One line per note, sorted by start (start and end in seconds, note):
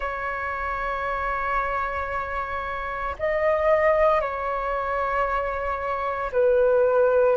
0.00 3.16 C#5
3.19 4.21 D#5
4.21 6.31 C#5
6.32 7.36 B4